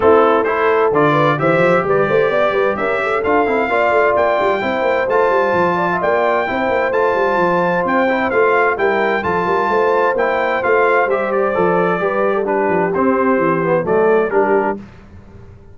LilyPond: <<
  \new Staff \with { instrumentName = "trumpet" } { \time 4/4 \tempo 4 = 130 a'4 c''4 d''4 e''4 | d''2 e''4 f''4~ | f''4 g''2 a''4~ | a''4 g''2 a''4~ |
a''4 g''4 f''4 g''4 | a''2 g''4 f''4 | e''8 d''2~ d''8 b'4 | c''2 d''4 ais'4 | }
  \new Staff \with { instrumentName = "horn" } { \time 4/4 e'4 a'4. b'8 c''4 | b'8 c''8 d''8 b'8 ais'8 a'4. | d''2 c''2~ | c''8 d''16 e''16 d''4 c''2~ |
c''2. ais'4 | a'8 ais'8 c''2.~ | c''2 b'8. a'16 g'4~ | g'2 a'4 g'4 | }
  \new Staff \with { instrumentName = "trombone" } { \time 4/4 c'4 e'4 f'4 g'4~ | g'2. f'8 e'8 | f'2 e'4 f'4~ | f'2 e'4 f'4~ |
f'4. e'8 f'4 e'4 | f'2 e'4 f'4 | g'4 a'4 g'4 d'4 | c'4. b8 a4 d'4 | }
  \new Staff \with { instrumentName = "tuba" } { \time 4/4 a2 d4 e8 f8 | g8 a8 b8 g8 cis'4 d'8 c'8 | ais8 a8 ais8 g8 c'8 ais8 a8 g8 | f4 ais4 c'8 ais8 a8 g8 |
f4 c'4 a4 g4 | f8 g8 a4 ais4 a4 | g4 f4 g4. f8 | c'4 e4 fis4 g4 | }
>>